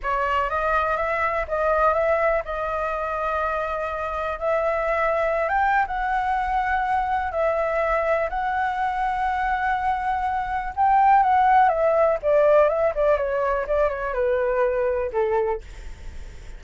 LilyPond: \new Staff \with { instrumentName = "flute" } { \time 4/4 \tempo 4 = 123 cis''4 dis''4 e''4 dis''4 | e''4 dis''2.~ | dis''4 e''2~ e''16 g''8. | fis''2. e''4~ |
e''4 fis''2.~ | fis''2 g''4 fis''4 | e''4 d''4 e''8 d''8 cis''4 | d''8 cis''8 b'2 a'4 | }